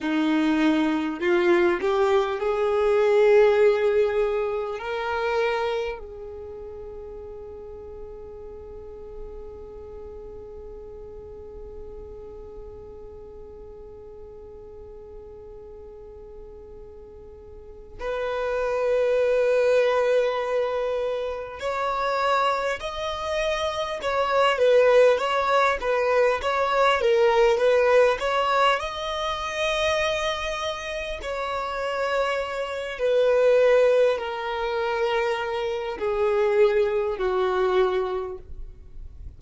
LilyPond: \new Staff \with { instrumentName = "violin" } { \time 4/4 \tempo 4 = 50 dis'4 f'8 g'8 gis'2 | ais'4 gis'2.~ | gis'1~ | gis'2. b'4~ |
b'2 cis''4 dis''4 | cis''8 b'8 cis''8 b'8 cis''8 ais'8 b'8 cis''8 | dis''2 cis''4. b'8~ | b'8 ais'4. gis'4 fis'4 | }